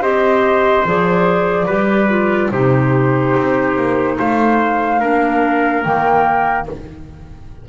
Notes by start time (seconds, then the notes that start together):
0.00 C4 G4 C5 D#5
0.85 F3 G#4 D5
1.66 G3 G4 B4
2.09 F4
2.51 C3 D#4 G4 C5
3.36 C4
3.76 A#3
4.18 A3 C5 F5
5.00 A#3 D4 A#4
5.83 D#3 A#3 G5